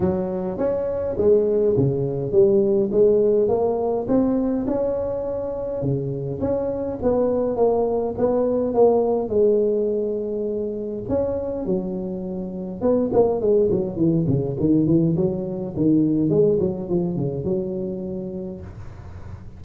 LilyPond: \new Staff \with { instrumentName = "tuba" } { \time 4/4 \tempo 4 = 103 fis4 cis'4 gis4 cis4 | g4 gis4 ais4 c'4 | cis'2 cis4 cis'4 | b4 ais4 b4 ais4 |
gis2. cis'4 | fis2 b8 ais8 gis8 fis8 | e8 cis8 dis8 e8 fis4 dis4 | gis8 fis8 f8 cis8 fis2 | }